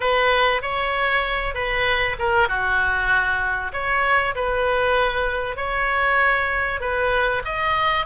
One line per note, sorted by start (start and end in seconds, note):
0.00 0.62 B4
0.62 1.54 C#5
1.54 2.16 B4
2.18 2.48 A#4
2.48 3.72 F#4
3.73 4.34 C#5
4.35 5.56 B4
5.56 6.80 C#5
6.80 7.42 B4
7.45 8.06 D#5